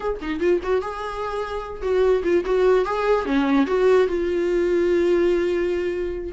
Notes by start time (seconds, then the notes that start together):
0.00 G#4
0.21 D#4
0.40 F4
0.63 F#4
0.81 G#4
1.82 F#4
2.23 F4
2.45 F#4
2.85 G#4
3.25 C#4
3.66 F#4
4.07 F4